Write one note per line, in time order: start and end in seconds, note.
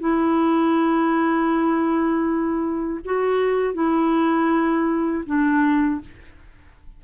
0.00 3.00 E4
3.05 3.74 F#4
3.74 5.24 E4
5.26 6.01 D4